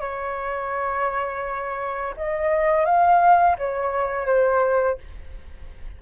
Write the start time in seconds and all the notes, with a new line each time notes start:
0.00 C#5
2.17 D#5
2.85 F5
3.58 C#5
4.26 C5